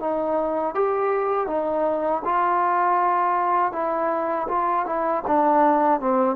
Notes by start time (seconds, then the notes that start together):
0.00 D#4
0.75 G4
1.47 D#4
2.25 F4
3.73 E4
4.48 F4
4.86 E4
5.27 D4
6.00 C4